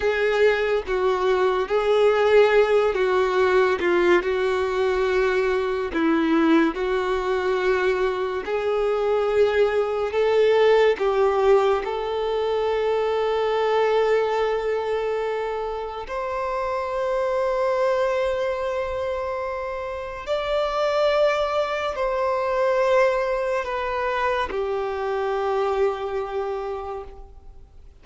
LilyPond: \new Staff \with { instrumentName = "violin" } { \time 4/4 \tempo 4 = 71 gis'4 fis'4 gis'4. fis'8~ | fis'8 f'8 fis'2 e'4 | fis'2 gis'2 | a'4 g'4 a'2~ |
a'2. c''4~ | c''1 | d''2 c''2 | b'4 g'2. | }